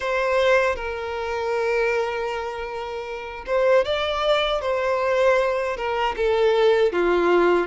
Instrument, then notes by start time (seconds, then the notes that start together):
violin
0.00 C5
0.75 A#4
3.46 C5
3.84 D5
4.61 C5
5.76 A#4
6.16 A4
6.92 F4